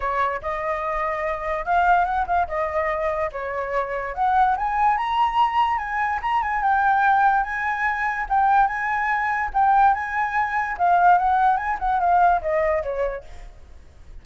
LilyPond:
\new Staff \with { instrumentName = "flute" } { \time 4/4 \tempo 4 = 145 cis''4 dis''2. | f''4 fis''8 f''8 dis''2 | cis''2 fis''4 gis''4 | ais''2 gis''4 ais''8 gis''8 |
g''2 gis''2 | g''4 gis''2 g''4 | gis''2 f''4 fis''4 | gis''8 fis''8 f''4 dis''4 cis''4 | }